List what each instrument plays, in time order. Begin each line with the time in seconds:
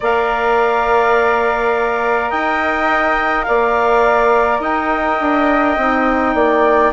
0.00 bassoon A#3, saxophone A#4, flute D5, clarinet F5
2.30 bassoon D#4, flute D#5, clarinet G5
3.43 bassoon A#3, flute D5, clarinet F5
4.59 bassoon D#4, flute D#5, clarinet G5
5.20 bassoon D4
5.77 bassoon C4, saxophone D#4
6.34 bassoon A#3, flute D5